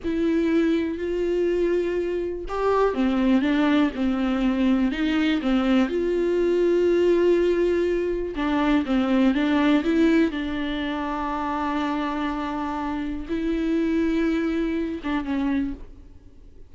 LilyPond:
\new Staff \with { instrumentName = "viola" } { \time 4/4 \tempo 4 = 122 e'2 f'2~ | f'4 g'4 c'4 d'4 | c'2 dis'4 c'4 | f'1~ |
f'4 d'4 c'4 d'4 | e'4 d'2.~ | d'2. e'4~ | e'2~ e'8 d'8 cis'4 | }